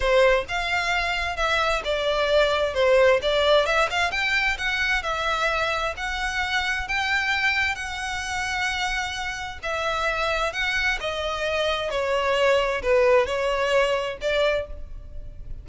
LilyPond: \new Staff \with { instrumentName = "violin" } { \time 4/4 \tempo 4 = 131 c''4 f''2 e''4 | d''2 c''4 d''4 | e''8 f''8 g''4 fis''4 e''4~ | e''4 fis''2 g''4~ |
g''4 fis''2.~ | fis''4 e''2 fis''4 | dis''2 cis''2 | b'4 cis''2 d''4 | }